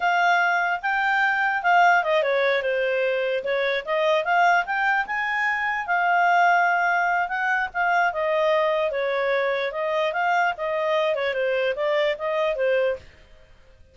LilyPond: \new Staff \with { instrumentName = "clarinet" } { \time 4/4 \tempo 4 = 148 f''2 g''2 | f''4 dis''8 cis''4 c''4.~ | c''8 cis''4 dis''4 f''4 g''8~ | g''8 gis''2 f''4.~ |
f''2 fis''4 f''4 | dis''2 cis''2 | dis''4 f''4 dis''4. cis''8 | c''4 d''4 dis''4 c''4 | }